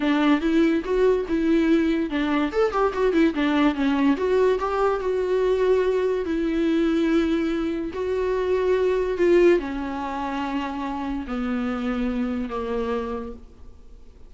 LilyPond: \new Staff \with { instrumentName = "viola" } { \time 4/4 \tempo 4 = 144 d'4 e'4 fis'4 e'4~ | e'4 d'4 a'8 g'8 fis'8 e'8 | d'4 cis'4 fis'4 g'4 | fis'2. e'4~ |
e'2. fis'4~ | fis'2 f'4 cis'4~ | cis'2. b4~ | b2 ais2 | }